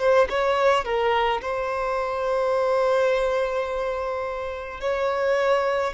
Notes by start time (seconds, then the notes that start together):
0.00 C5
0.30 C#5
0.85 A#4
1.42 C5
4.81 C#5